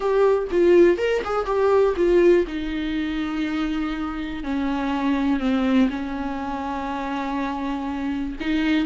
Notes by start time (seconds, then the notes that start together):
0.00 G4
0.51 F4
0.97 A#4
1.24 G#4
1.45 G4
1.96 F4
2.47 D#4
4.43 C#4
5.39 C4
5.90 C#4
8.40 D#4